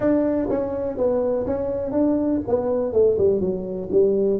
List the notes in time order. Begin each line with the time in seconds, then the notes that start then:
0.00 D4
0.49 C#4
0.97 B3
1.46 C#4
1.91 D4
2.47 B3
2.93 A3
3.18 G3
3.40 F#3
3.91 G3